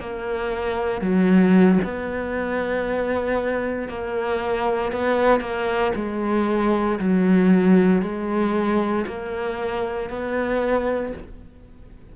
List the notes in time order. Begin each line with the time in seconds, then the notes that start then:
0.00 A#3
1.01 F#3
1.84 B3
3.88 A#3
4.92 B3
5.40 A#3
5.95 G#3
6.99 F#3
8.02 G#3
9.07 A#3
10.09 B3